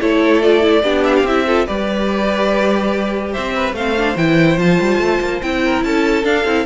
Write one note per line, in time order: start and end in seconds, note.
0.00 0.82 A3
0.00 0.42 E4
0.00 0.83 A4
0.00 0.42 C#5
0.42 0.61 F4
0.42 1.04 D5
0.61 0.82 E4
0.82 1.23 B3
0.82 1.26 D4
0.82 1.45 G4
1.04 1.14 E5
1.16 1.26 F5
1.23 1.65 C4
1.23 1.47 E4
1.23 1.66 E5
1.46 1.66 F4
1.46 1.66 A4
1.66 3.36 G3
1.66 3.75 G4
1.66 3.32 B4
1.66 3.32 D5
3.32 3.72 C4
3.32 3.53 C5
3.32 3.74 E5
3.55 3.75 B4
3.72 4.14 A3
3.72 3.96 C4
3.72 5.63 C5
3.72 4.17 F5
3.96 4.17 D4
4.16 4.57 E3
4.16 4.57 E4
4.16 4.58 G5
4.57 4.78 F3
4.57 5.41 F4
4.57 5.41 A5
4.80 4.98 G3
4.98 5.19 A3
5.20 5.41 A#3
5.41 5.84 C4
5.41 6.23 E4
5.41 5.83 G5
5.64 5.85 A#4
5.84 6.24 C#4
5.84 6.65 A4
5.84 6.24 A5
6.23 6.44 D4
6.23 6.65 F5
6.44 6.65 C4
6.44 6.65 E4